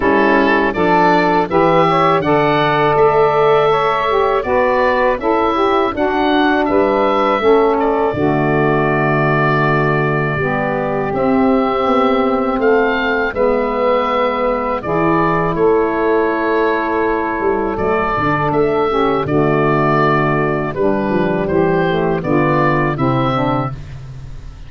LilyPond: <<
  \new Staff \with { instrumentName = "oboe" } { \time 4/4 \tempo 4 = 81 a'4 d''4 e''4 fis''4 | e''2 d''4 e''4 | fis''4 e''4. d''4.~ | d''2. e''4~ |
e''4 f''4 e''2 | d''4 cis''2. | d''4 e''4 d''2 | b'4 c''4 d''4 e''4 | }
  \new Staff \with { instrumentName = "saxophone" } { \time 4/4 e'4 a'4 b'8 cis''8 d''4~ | d''4 cis''4 b'4 a'8 g'8 | fis'4 b'4 a'4 fis'4~ | fis'2 g'2~ |
g'4 a'4 b'2 | gis'4 a'2.~ | a'4. g'8 fis'2 | d'4 g'4 f'4 e'8 d'8 | }
  \new Staff \with { instrumentName = "saxophone" } { \time 4/4 cis'4 d'4 g'4 a'4~ | a'4. g'8 fis'4 e'4 | d'2 cis'4 a4~ | a2 b4 c'4~ |
c'2 b2 | e'1 | a8 d'4 cis'8 a2 | g4. a8 b4 c'4 | }
  \new Staff \with { instrumentName = "tuba" } { \time 4/4 g4 f4 e4 d4 | a2 b4 cis'4 | d'4 g4 a4 d4~ | d2 g4 c'4 |
b4 a4 gis2 | e4 a2~ a8 g8 | fis8 d8 a4 d2 | g8 f8 e4 d4 c4 | }
>>